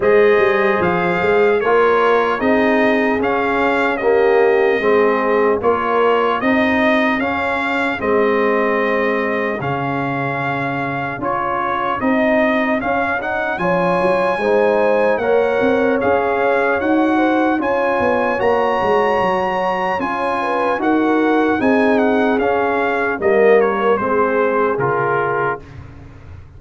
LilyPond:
<<
  \new Staff \with { instrumentName = "trumpet" } { \time 4/4 \tempo 4 = 75 dis''4 f''4 cis''4 dis''4 | f''4 dis''2 cis''4 | dis''4 f''4 dis''2 | f''2 cis''4 dis''4 |
f''8 fis''8 gis''2 fis''4 | f''4 fis''4 gis''4 ais''4~ | ais''4 gis''4 fis''4 gis''8 fis''8 | f''4 dis''8 cis''8 c''4 ais'4 | }
  \new Staff \with { instrumentName = "horn" } { \time 4/4 c''2 ais'4 gis'4~ | gis'4 g'4 gis'4 ais'4 | gis'1~ | gis'1~ |
gis'4 cis''4 c''4 cis''4~ | cis''4. c''8 cis''2~ | cis''4. b'8 ais'4 gis'4~ | gis'4 ais'4 gis'2 | }
  \new Staff \with { instrumentName = "trombone" } { \time 4/4 gis'2 f'4 dis'4 | cis'4 ais4 c'4 f'4 | dis'4 cis'4 c'2 | cis'2 f'4 dis'4 |
cis'8 dis'8 f'4 dis'4 ais'4 | gis'4 fis'4 f'4 fis'4~ | fis'4 f'4 fis'4 dis'4 | cis'4 ais4 c'4 f'4 | }
  \new Staff \with { instrumentName = "tuba" } { \time 4/4 gis8 g8 f8 gis8 ais4 c'4 | cis'2 gis4 ais4 | c'4 cis'4 gis2 | cis2 cis'4 c'4 |
cis'4 f8 fis8 gis4 ais8 c'8 | cis'4 dis'4 cis'8 b8 ais8 gis8 | fis4 cis'4 dis'4 c'4 | cis'4 g4 gis4 cis4 | }
>>